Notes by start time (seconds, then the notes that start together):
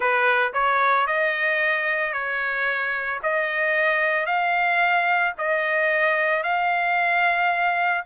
0.00 B4
0.53 C#5
1.07 D#5
2.12 C#5
3.23 D#5
4.26 F5
5.38 D#5
6.43 F5